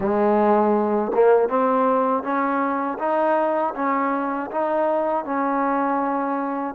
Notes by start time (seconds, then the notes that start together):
0.00 G#3
1.14 A#3
1.48 C4
2.23 C#4
2.99 D#4
3.75 C#4
4.51 D#4
5.24 C#4